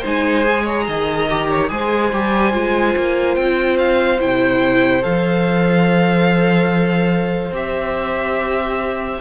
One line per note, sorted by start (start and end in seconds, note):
0.00 0.88 G#3
0.00 0.44 D#4
0.00 0.62 C5
0.00 0.68 G#5
0.44 1.27 G#4
0.63 0.84 C#5
0.63 1.69 A#5
0.88 1.70 D#3
0.88 1.50 D#5
1.30 1.68 G4
1.50 1.70 C#5
1.68 2.12 G#3
1.68 2.10 G#4
1.68 9.20 C5
1.68 3.35 G#5
2.12 2.53 G3
2.12 2.52 G4
2.52 2.95 G#3
2.52 4.18 F4
2.96 3.36 A#3
3.35 4.20 C4
3.35 3.77 G5
3.78 4.20 F5
4.19 5.04 C3
4.19 5.02 E4
4.19 5.03 G5
5.02 7.51 F3
5.02 7.52 A4
5.02 7.53 F5
7.51 9.18 C4
7.51 9.20 G4
7.51 9.20 E5